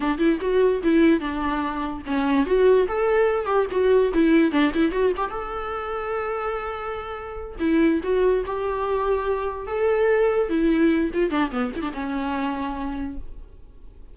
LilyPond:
\new Staff \with { instrumentName = "viola" } { \time 4/4 \tempo 4 = 146 d'8 e'8 fis'4 e'4 d'4~ | d'4 cis'4 fis'4 a'4~ | a'8 g'8 fis'4 e'4 d'8 e'8 | fis'8 g'8 a'2.~ |
a'2~ a'8 e'4 fis'8~ | fis'8 g'2. a'8~ | a'4. e'4. f'8 d'8 | b8 e'16 d'16 cis'2. | }